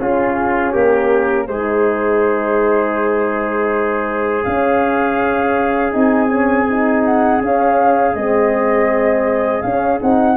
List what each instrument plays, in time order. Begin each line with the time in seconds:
0.00 tuba C#4, horn C#4, trumpet F4, flute G#4
0.72 tuba A#3, trumpet G4, flute A#4
1.48 tuba G#3, horn D#4, trumpet G#4, flute C5
4.43 horn C#4, tuba C#4, flute F5
5.91 tuba C4, horn D#4, flute G#5
6.29 horn C#4
6.70 horn D#4
7.05 flute F#5
7.41 horn C#4, tuba C#4, flute F5
8.15 tuba G#3, horn C4, flute D#5
9.62 tuba C#4, horn C#4, flute F5
10.01 tuba C4, horn D#4, flute F#5